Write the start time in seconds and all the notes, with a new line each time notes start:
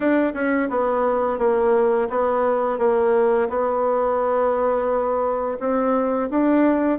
0.00 D4
0.33 C#4
0.69 B3
1.38 A#3
2.09 B3
2.78 A#3
3.49 B3
5.59 C4
6.30 D4